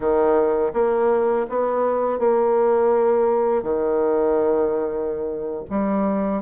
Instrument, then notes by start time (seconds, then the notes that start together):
bassoon
0.00 D#3
0.73 A#3
1.49 B3
2.19 A#3
3.62 D#3
5.70 G3